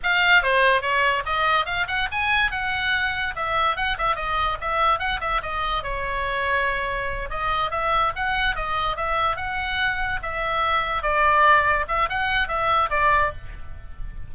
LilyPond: \new Staff \with { instrumentName = "oboe" } { \time 4/4 \tempo 4 = 144 f''4 c''4 cis''4 dis''4 | f''8 fis''8 gis''4 fis''2 | e''4 fis''8 e''8 dis''4 e''4 | fis''8 e''8 dis''4 cis''2~ |
cis''4. dis''4 e''4 fis''8~ | fis''8 dis''4 e''4 fis''4.~ | fis''8 e''2 d''4.~ | d''8 e''8 fis''4 e''4 d''4 | }